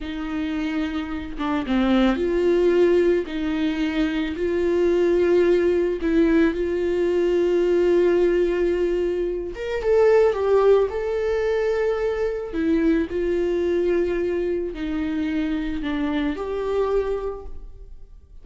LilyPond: \new Staff \with { instrumentName = "viola" } { \time 4/4 \tempo 4 = 110 dis'2~ dis'8 d'8 c'4 | f'2 dis'2 | f'2. e'4 | f'1~ |
f'4. ais'8 a'4 g'4 | a'2. e'4 | f'2. dis'4~ | dis'4 d'4 g'2 | }